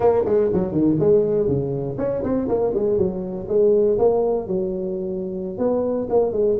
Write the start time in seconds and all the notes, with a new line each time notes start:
0.00 A#3
0.25 G#3
0.53 F#3
0.72 D#3
0.99 G#3
1.47 C#3
1.97 C#4
2.23 C4
2.48 A#3
2.74 G#3
2.97 F#3
3.48 G#3
3.98 A#3
4.47 F#3
5.58 B3
6.09 A#3
6.32 G#3